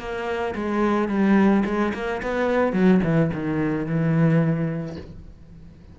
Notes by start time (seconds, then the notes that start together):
0.00 A#3
0.56 G#3
1.09 G3
1.66 G#3
1.95 A#3
2.23 B3
2.73 F#3
3.04 E3
3.34 D#3
3.87 E3